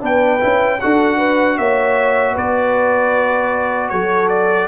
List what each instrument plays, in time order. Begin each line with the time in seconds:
0.00 tuba B3, trombone D4, horn B4, trumpet G5
0.40 tuba C#4, trombone E4
0.80 tuba D4, trombone F#4, horn A4, trumpet F#5
1.17 horn B4
1.57 tuba A#3, horn C#5, trumpet E5
2.33 tuba B3, horn B4, trumpet D5
3.89 tuba F#3, horn A4, trumpet C#5
4.28 trumpet D5